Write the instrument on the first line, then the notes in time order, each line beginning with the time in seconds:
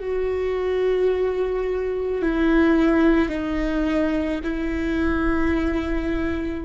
viola
0.00 F#4
2.22 E4
3.29 D#4
4.43 E4